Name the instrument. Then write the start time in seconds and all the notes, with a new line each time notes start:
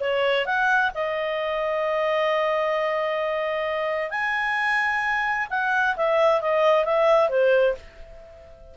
clarinet
0.00 C#5
0.46 F#5
0.95 D#5
4.11 G#5
5.50 F#5
5.96 E5
6.41 D#5
6.85 E5
7.29 C5